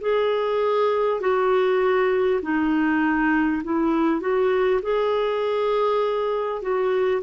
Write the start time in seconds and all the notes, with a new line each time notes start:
0.00 G#4
1.20 F#4
2.42 D#4
3.63 E4
4.21 F#4
4.82 G#4
6.61 F#4